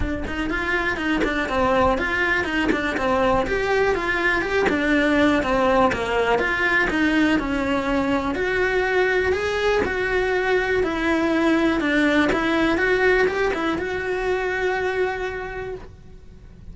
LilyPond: \new Staff \with { instrumentName = "cello" } { \time 4/4 \tempo 4 = 122 d'8 dis'8 f'4 dis'8 d'8 c'4 | f'4 dis'8 d'8 c'4 g'4 | f'4 g'8 d'4. c'4 | ais4 f'4 dis'4 cis'4~ |
cis'4 fis'2 gis'4 | fis'2 e'2 | d'4 e'4 fis'4 g'8 e'8 | fis'1 | }